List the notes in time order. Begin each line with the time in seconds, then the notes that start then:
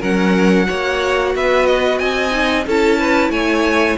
0.00 F#3 C#4 A#4 F#5
0.66 A#3 F#4 C#5
1.35 B3 B4 E5
1.66 D#5
1.99 C4 D#5 G#5
2.31 D#4
2.67 C#4 E4 A4 A5
2.99 B4
3.30 A3 C#5 G#5